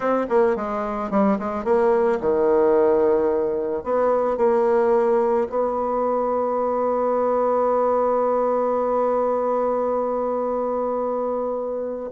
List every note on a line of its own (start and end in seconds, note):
0.00 0.26 C4
0.29 0.56 A#3
0.56 1.10 G#3
1.10 1.38 G3
1.38 1.64 G#3
1.64 2.19 A#3
2.20 3.83 D#3
3.83 4.37 B3
4.37 5.47 A#3
5.49 12.10 B3